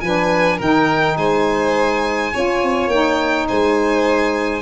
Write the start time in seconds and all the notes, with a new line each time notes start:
0.00 F3 D4 B4 G#5
0.57 D#3 D#4 A#4 G5
1.17 G#3 C5 G#5
2.33 C#4 F4 C#5
2.63 C4
2.87 A#3 D#4 G5
3.47 G#3 C5 G#5